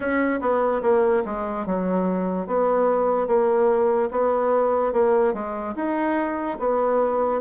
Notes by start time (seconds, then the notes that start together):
0.00 C#4
0.40 B3
0.81 A#3
1.25 G#3
1.66 F#3
2.46 B3
3.27 A#3
4.11 B3
4.92 A#3
5.33 G#3
5.75 D#4
6.59 B3